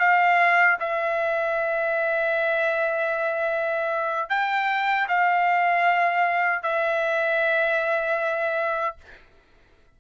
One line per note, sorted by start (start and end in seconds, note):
0.00 0.78 F5
0.80 4.30 E5
4.30 5.08 G5
5.08 6.63 F5
6.63 8.96 E5